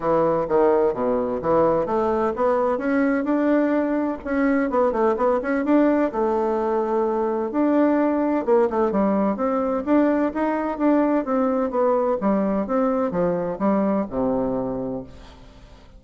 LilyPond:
\new Staff \with { instrumentName = "bassoon" } { \time 4/4 \tempo 4 = 128 e4 dis4 b,4 e4 | a4 b4 cis'4 d'4~ | d'4 cis'4 b8 a8 b8 cis'8 | d'4 a2. |
d'2 ais8 a8 g4 | c'4 d'4 dis'4 d'4 | c'4 b4 g4 c'4 | f4 g4 c2 | }